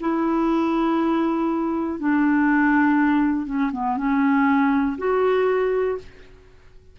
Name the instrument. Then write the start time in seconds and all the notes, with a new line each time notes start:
clarinet
0.00 E4
1.99 D4
3.46 C#4
3.72 B3
3.97 C#4
4.97 F#4